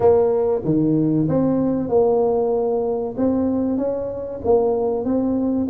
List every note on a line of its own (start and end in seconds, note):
0.00 0.61 A#3
0.64 1.27 D#3
1.28 1.89 C4
1.89 3.15 A#3
3.17 3.77 C4
3.77 4.40 C#4
4.44 5.04 A#3
5.04 5.67 C4